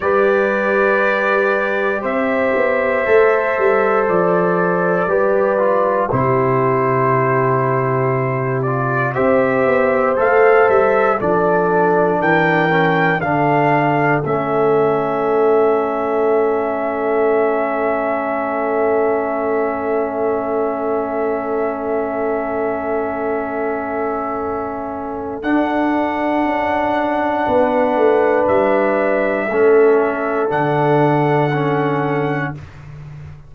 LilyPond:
<<
  \new Staff \with { instrumentName = "trumpet" } { \time 4/4 \tempo 4 = 59 d''2 e''2 | d''2 c''2~ | c''8 d''8 e''4 f''8 e''8 d''4 | g''4 f''4 e''2~ |
e''1~ | e''1~ | e''4 fis''2. | e''2 fis''2 | }
  \new Staff \with { instrumentName = "horn" } { \time 4/4 b'2 c''2~ | c''4 b'4 g'2~ | g'4 c''2 a'4 | ais'4 a'2.~ |
a'1~ | a'1~ | a'2. b'4~ | b'4 a'2. | }
  \new Staff \with { instrumentName = "trombone" } { \time 4/4 g'2. a'4~ | a'4 g'8 f'8 e'2~ | e'8 f'8 g'4 a'4 d'4~ | d'8 cis'8 d'4 cis'2~ |
cis'1~ | cis'1~ | cis'4 d'2.~ | d'4 cis'4 d'4 cis'4 | }
  \new Staff \with { instrumentName = "tuba" } { \time 4/4 g2 c'8 b8 a8 g8 | f4 g4 c2~ | c4 c'8 b8 a8 g8 f4 | e4 d4 a2~ |
a1~ | a1~ | a4 d'4 cis'4 b8 a8 | g4 a4 d2 | }
>>